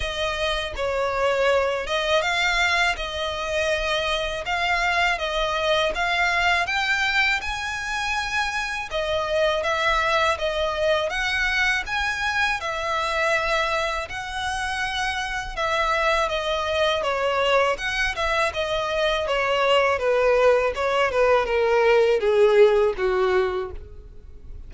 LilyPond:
\new Staff \with { instrumentName = "violin" } { \time 4/4 \tempo 4 = 81 dis''4 cis''4. dis''8 f''4 | dis''2 f''4 dis''4 | f''4 g''4 gis''2 | dis''4 e''4 dis''4 fis''4 |
gis''4 e''2 fis''4~ | fis''4 e''4 dis''4 cis''4 | fis''8 e''8 dis''4 cis''4 b'4 | cis''8 b'8 ais'4 gis'4 fis'4 | }